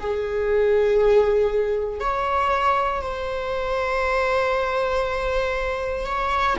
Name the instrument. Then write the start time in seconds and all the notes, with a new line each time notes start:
viola
0.00 G#4
2.00 C#5
3.01 C5
6.06 C#5